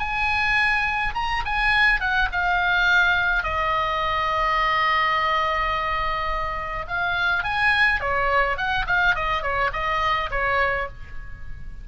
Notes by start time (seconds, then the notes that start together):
0.00 G#5
1.15 A#5
1.45 G#5
2.01 F#5
2.32 F5
3.44 D#5
6.88 F5
7.44 G#5
8.01 C#5
8.57 F#5
8.87 F5
9.16 D#5
9.43 C#5
9.73 D#5
10.31 C#5